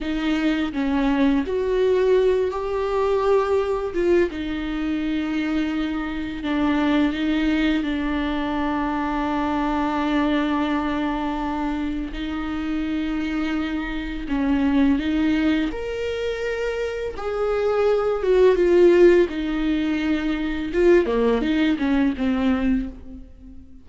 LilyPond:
\new Staff \with { instrumentName = "viola" } { \time 4/4 \tempo 4 = 84 dis'4 cis'4 fis'4. g'8~ | g'4. f'8 dis'2~ | dis'4 d'4 dis'4 d'4~ | d'1~ |
d'4 dis'2. | cis'4 dis'4 ais'2 | gis'4. fis'8 f'4 dis'4~ | dis'4 f'8 ais8 dis'8 cis'8 c'4 | }